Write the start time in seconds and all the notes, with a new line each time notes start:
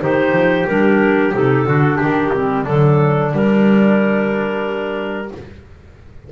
0.00 D#3 D#4 G4 C5
0.32 F3
0.67 G3 D4 A#4
1.34 C3 D#4 A4
1.66 D3 D4 F#4
1.97 D#3 G4
2.34 G3 C4
2.65 D3 F#3 D4 A4
3.32 G3 A#4